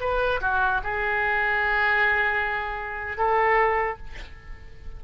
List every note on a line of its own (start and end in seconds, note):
0.00 0.40 B4
0.41 0.81 F#4
0.83 3.17 G#4
3.17 3.97 A4